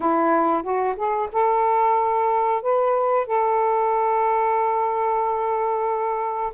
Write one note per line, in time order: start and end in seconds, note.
0.00 0.62 E4
0.62 0.95 F#4
0.96 1.29 G#4
1.32 2.61 A4
2.61 3.26 B4
3.26 6.52 A4